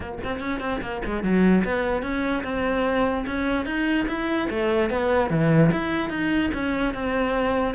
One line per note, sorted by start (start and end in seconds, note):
0.00 0.18 A#3
0.24 0.40 C4
0.40 0.60 C#4
0.60 0.81 C4
0.81 1.01 A#3
1.05 1.23 G#3
1.23 1.63 F#3
1.64 2.02 B3
2.02 2.43 C#4
2.43 3.25 C4
3.26 3.65 C#4
3.65 4.06 D#4
4.08 4.48 E4
4.50 4.90 A3
4.90 5.29 B3
5.29 5.70 E3
5.72 6.09 E4
6.09 6.50 D#4
6.54 6.94 C#4
6.94 7.74 C4